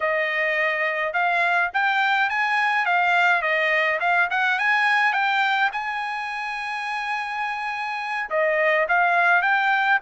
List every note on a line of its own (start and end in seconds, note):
0.00 1.13 D#5
1.13 1.70 F5
1.73 2.29 G5
2.29 2.85 G#5
2.85 3.42 F5
3.42 3.99 D#5
4.00 4.28 F5
4.30 4.58 F#5
4.58 5.12 G#5
5.12 5.69 G5
5.72 8.29 G#5
8.29 8.86 D#5
8.88 9.42 F5
9.42 9.99 G5